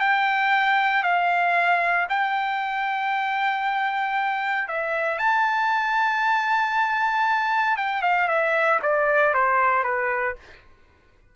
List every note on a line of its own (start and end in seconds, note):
0.00 1.03 G5
1.03 2.07 F5
2.09 4.68 G5
4.68 5.18 E5
5.18 7.77 A5
7.77 8.02 G5
8.02 8.28 F5
8.28 8.79 E5
8.82 9.34 D5
9.34 9.84 C5
9.84 10.35 B4